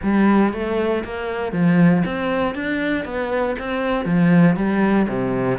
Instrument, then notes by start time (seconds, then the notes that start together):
cello
0.03 G3
0.53 A3
1.04 A#3
1.52 F3
2.05 C4
2.54 D4
3.04 B3
3.58 C4
4.05 F3
4.56 G3
5.08 C3